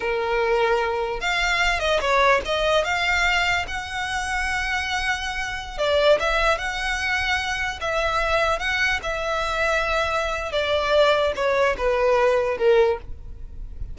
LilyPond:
\new Staff \with { instrumentName = "violin" } { \time 4/4 \tempo 4 = 148 ais'2. f''4~ | f''8 dis''8 cis''4 dis''4 f''4~ | f''4 fis''2.~ | fis''2~ fis''16 d''4 e''8.~ |
e''16 fis''2. e''8.~ | e''4~ e''16 fis''4 e''4.~ e''16~ | e''2 d''2 | cis''4 b'2 ais'4 | }